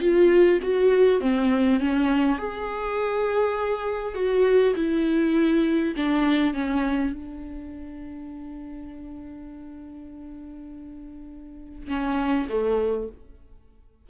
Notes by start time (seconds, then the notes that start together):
0.00 F4
0.62 F#4
1.20 C4
1.80 C#4
2.38 G#4
4.14 F#4
4.76 E4
5.96 D4
6.54 C#4
7.13 D4
11.88 C#4
12.49 A3